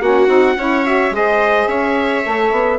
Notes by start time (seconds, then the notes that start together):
0.00 A#3 C#4 F#4 F#5
0.27 C4 D#4
0.56 C#4 E4 C#5
0.85 F#4 E5
1.11 G#3 G#4 C5 D#5
1.67 C#4 C#5 E5
2.23 A3 A4
2.51 B3